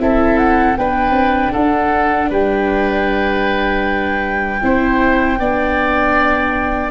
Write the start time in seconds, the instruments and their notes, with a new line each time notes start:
0.00 tuba C4, viola E4, oboe A4, flute E5
0.38 flute F#5
0.77 tuba B3, viola D4, oboe B4, flute G5
1.11 tuba C4
1.53 tuba D4, oboe A4, flute F#5
2.30 tuba G3, oboe B4, flute G5
4.62 tuba C4, viola E4, oboe C5
5.39 tuba B3, viola D4, oboe D5